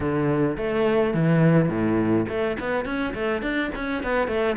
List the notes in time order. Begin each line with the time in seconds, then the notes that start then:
0.00 D3
0.57 A3
1.14 E3
1.69 A2
2.28 A3
2.59 B3
2.85 C#4
3.14 A3
3.41 D4
3.75 C#4
4.03 B3
4.27 A3